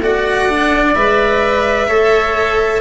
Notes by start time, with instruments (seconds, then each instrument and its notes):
0.00 tuba A3, cello F#4, oboe D5, violin F#5
0.49 cello D4
0.95 tuba G#3, cello B4, violin E5
1.88 tuba A3, cello A4, oboe C#5